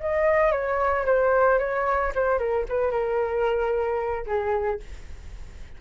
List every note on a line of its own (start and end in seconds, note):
0.00 0.52 D#5
0.52 1.05 C#5
1.06 1.59 C5
1.59 2.13 C#5
2.15 2.38 C5
2.38 2.65 A#4
2.69 2.91 B4
2.91 4.25 A#4
4.26 4.80 G#4